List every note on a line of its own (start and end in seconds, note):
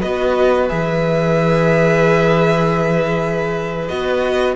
0.00 0.70 B3
0.00 0.69 F#4
0.00 4.55 B4
0.00 0.69 D#5
0.69 3.89 E3
0.69 3.89 G#4
0.69 3.88 E5
3.88 4.56 B3
3.88 4.56 F#4
3.88 4.55 D#5